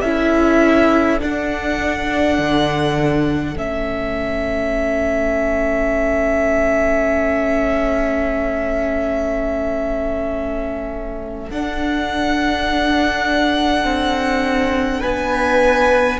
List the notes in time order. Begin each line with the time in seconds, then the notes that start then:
0.00 C#4 E4 A4 E5
1.19 D4 F#5
2.38 D3
3.54 A3 C#4 E5
11.50 D4 F#5
13.84 C4
15.00 B3 B4 G#5